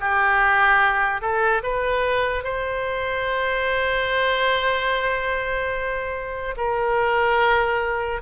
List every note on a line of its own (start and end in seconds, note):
0.00 1.21 G4
1.21 1.62 A4
1.63 2.44 B4
2.44 6.55 C5
6.57 8.21 A#4